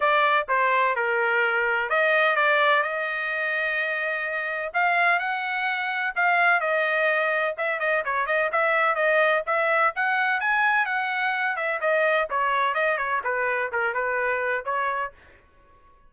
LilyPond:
\new Staff \with { instrumentName = "trumpet" } { \time 4/4 \tempo 4 = 127 d''4 c''4 ais'2 | dis''4 d''4 dis''2~ | dis''2 f''4 fis''4~ | fis''4 f''4 dis''2 |
e''8 dis''8 cis''8 dis''8 e''4 dis''4 | e''4 fis''4 gis''4 fis''4~ | fis''8 e''8 dis''4 cis''4 dis''8 cis''8 | b'4 ais'8 b'4. cis''4 | }